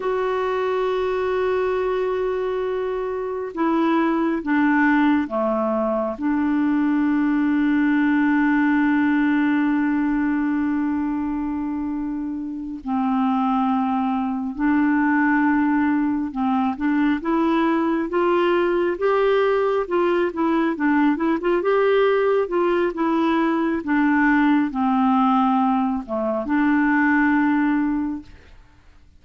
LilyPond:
\new Staff \with { instrumentName = "clarinet" } { \time 4/4 \tempo 4 = 68 fis'1 | e'4 d'4 a4 d'4~ | d'1~ | d'2~ d'8 c'4.~ |
c'8 d'2 c'8 d'8 e'8~ | e'8 f'4 g'4 f'8 e'8 d'8 | e'16 f'16 g'4 f'8 e'4 d'4 | c'4. a8 d'2 | }